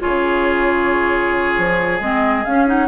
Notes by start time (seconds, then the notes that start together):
0.00 C#3 F4 G#4 C#5
1.58 F3
2.00 G#3 C4 D#5
2.45 C#4 F5
2.67 D#4 F#5